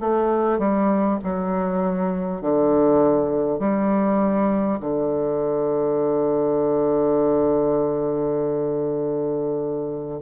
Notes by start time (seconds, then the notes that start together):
0.00 A3
0.58 G3
1.23 F#3
2.41 D3
3.59 G3
4.80 D3